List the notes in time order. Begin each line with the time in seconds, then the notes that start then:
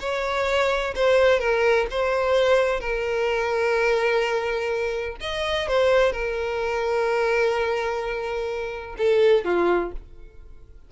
0.00 C#5
0.96 C5
1.40 A#4
1.91 C5
2.80 A#4
5.21 D#5
5.68 C5
6.13 A#4
8.98 A4
9.45 F4